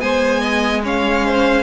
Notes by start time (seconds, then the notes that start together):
0.00 G#3 B3 C5 G#5
0.41 D#5
0.84 C#4 C#5 F5
1.26 C5